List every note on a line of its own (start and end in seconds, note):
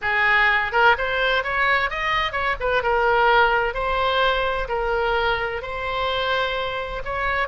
0.01 0.72 G#4
0.72 0.95 A#4
0.97 1.43 C5
1.43 1.90 C#5
1.90 2.32 D#5
2.32 2.55 C#5
2.60 2.83 B4
2.83 3.74 A#4
3.74 4.67 C5
4.68 5.61 A#4
5.61 7.02 C5
7.04 7.48 C#5